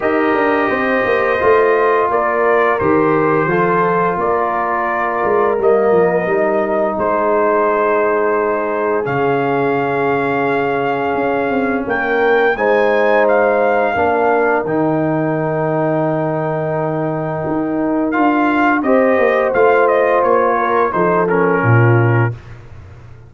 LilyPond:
<<
  \new Staff \with { instrumentName = "trumpet" } { \time 4/4 \tempo 4 = 86 dis''2. d''4 | c''2 d''2 | dis''2 c''2~ | c''4 f''2.~ |
f''4 g''4 gis''4 f''4~ | f''4 g''2.~ | g''2 f''4 dis''4 | f''8 dis''8 cis''4 c''8 ais'4. | }
  \new Staff \with { instrumentName = "horn" } { \time 4/4 ais'4 c''2 ais'4~ | ais'4 a'4 ais'2~ | ais'2 gis'2~ | gis'1~ |
gis'4 ais'4 c''2 | ais'1~ | ais'2. c''4~ | c''4. ais'8 a'4 f'4 | }
  \new Staff \with { instrumentName = "trombone" } { \time 4/4 g'2 f'2 | g'4 f'2. | ais4 dis'2.~ | dis'4 cis'2.~ |
cis'2 dis'2 | d'4 dis'2.~ | dis'2 f'4 g'4 | f'2 dis'8 cis'4. | }
  \new Staff \with { instrumentName = "tuba" } { \time 4/4 dis'8 d'8 c'8 ais8 a4 ais4 | dis4 f4 ais4. gis8 | g8 f8 g4 gis2~ | gis4 cis2. |
cis'8 c'8 ais4 gis2 | ais4 dis2.~ | dis4 dis'4 d'4 c'8 ais8 | a4 ais4 f4 ais,4 | }
>>